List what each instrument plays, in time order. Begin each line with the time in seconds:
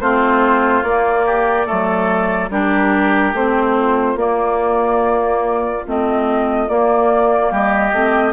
0.00 bassoon A3, clarinet C4, oboe F4, flute C5
0.83 bassoon A#3, clarinet A#3, flute D5
1.26 oboe G4
1.65 bassoon F#3, clarinet A3, oboe A4
2.49 bassoon G3, clarinet D4, oboe G4, flute A#4
3.32 bassoon A3, clarinet C4, flute C5
3.77 oboe F4
4.15 bassoon A#3, clarinet A#3, flute D5
5.86 bassoon A3, clarinet C4, flute D#5
6.68 clarinet A#3, bassoon A#3, flute D5
7.49 bassoon G3, oboe G4, flute D#5
7.92 bassoon A3, clarinet C4